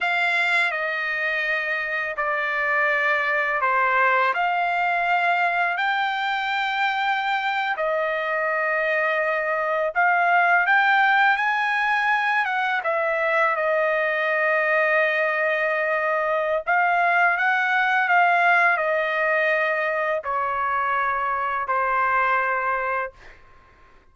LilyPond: \new Staff \with { instrumentName = "trumpet" } { \time 4/4 \tempo 4 = 83 f''4 dis''2 d''4~ | d''4 c''4 f''2 | g''2~ g''8. dis''4~ dis''16~ | dis''4.~ dis''16 f''4 g''4 gis''16~ |
gis''4~ gis''16 fis''8 e''4 dis''4~ dis''16~ | dis''2. f''4 | fis''4 f''4 dis''2 | cis''2 c''2 | }